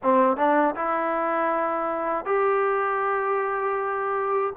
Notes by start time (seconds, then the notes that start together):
0.02 C4
0.37 D4
0.75 E4
2.25 G4